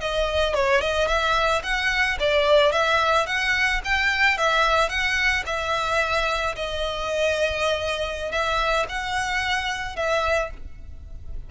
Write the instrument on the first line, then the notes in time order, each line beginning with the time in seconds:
violin
0.00 D#5
0.54 C#5
0.81 D#5
1.07 E5
1.63 F#5
2.19 D5
2.71 E5
3.26 F#5
3.84 G5
4.37 E5
4.89 F#5
5.46 E5
6.55 D#5
8.31 E5
8.89 F#5
9.96 E5